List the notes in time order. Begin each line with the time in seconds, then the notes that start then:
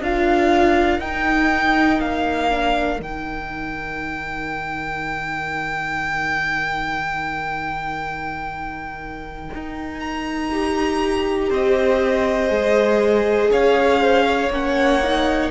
0.00 D4 F4 A#4 F5
0.99 D#4 G5
2.00 A#3 F5
2.50 D4
2.98 D#3 D#4 G5
9.54 D#4
10.00 A#5
10.51 G4
11.50 C4 C5 D#5
12.48 G#3 G#4
13.51 C#4 C#5 F5
14.01 C5
14.26 C#5
14.49 A#3 C#4 F#5
15.03 D#4